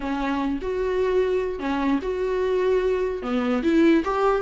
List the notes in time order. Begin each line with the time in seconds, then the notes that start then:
0.00 C#4
0.61 F#4
1.59 C#4
2.02 F#4
3.22 B3
3.62 E4
4.04 G4